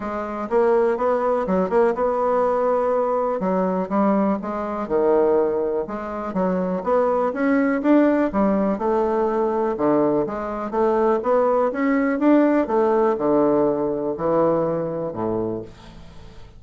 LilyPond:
\new Staff \with { instrumentName = "bassoon" } { \time 4/4 \tempo 4 = 123 gis4 ais4 b4 fis8 ais8 | b2. fis4 | g4 gis4 dis2 | gis4 fis4 b4 cis'4 |
d'4 g4 a2 | d4 gis4 a4 b4 | cis'4 d'4 a4 d4~ | d4 e2 a,4 | }